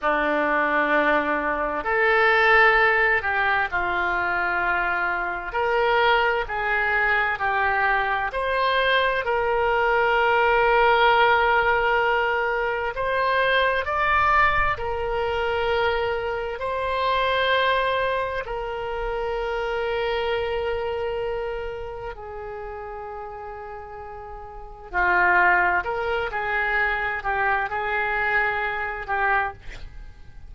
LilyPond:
\new Staff \with { instrumentName = "oboe" } { \time 4/4 \tempo 4 = 65 d'2 a'4. g'8 | f'2 ais'4 gis'4 | g'4 c''4 ais'2~ | ais'2 c''4 d''4 |
ais'2 c''2 | ais'1 | gis'2. f'4 | ais'8 gis'4 g'8 gis'4. g'8 | }